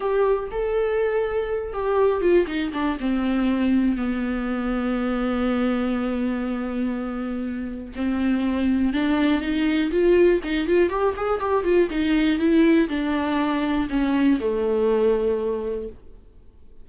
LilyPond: \new Staff \with { instrumentName = "viola" } { \time 4/4 \tempo 4 = 121 g'4 a'2~ a'8 g'8~ | g'8 f'8 dis'8 d'8 c'2 | b1~ | b1 |
c'2 d'4 dis'4 | f'4 dis'8 f'8 g'8 gis'8 g'8 f'8 | dis'4 e'4 d'2 | cis'4 a2. | }